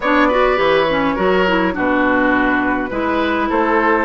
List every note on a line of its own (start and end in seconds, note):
0.00 0.58 B3
0.00 0.31 D4
0.00 0.28 C#5
0.00 0.59 D5
0.28 0.56 F#4
0.28 1.15 B4
0.56 1.16 E3
0.56 0.85 G4
0.56 1.75 C#5
0.90 1.16 C#4
1.15 1.76 F#3
1.15 1.45 F#4
1.15 1.73 A#4
1.47 1.73 E4
1.73 2.90 B2
1.73 2.89 D4
1.73 2.90 F#4
1.73 3.50 B4
2.90 3.49 G#3
2.90 4.05 E4
2.90 3.48 B4
3.49 4.05 A3
3.49 4.05 A4
3.49 4.05 C5